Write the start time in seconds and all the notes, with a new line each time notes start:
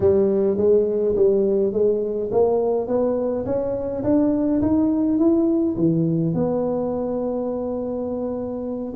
0.00 G3
0.57 G#3
1.15 G3
1.72 G#3
2.31 A#3
2.87 B3
3.45 C#4
4.03 D4
4.61 D#4
5.18 E4
5.76 E3
6.34 B3